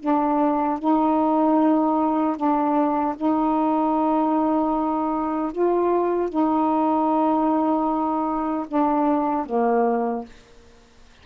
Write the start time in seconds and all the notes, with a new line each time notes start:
0.00 D4
0.79 D#4
2.36 D4
3.16 D#4
5.52 F4
6.29 D#4
8.68 D4
9.46 A#3